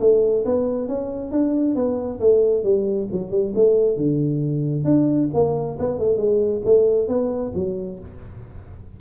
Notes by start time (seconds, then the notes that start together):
0.00 A3
0.45 B3
0.88 C#4
1.32 D4
1.75 B3
2.20 A3
2.64 G3
3.12 F#3
3.31 G3
3.55 A3
3.97 D3
4.84 D4
5.34 A#3
5.79 B3
5.99 A3
6.17 G#3
6.65 A3
7.08 B3
7.55 F#3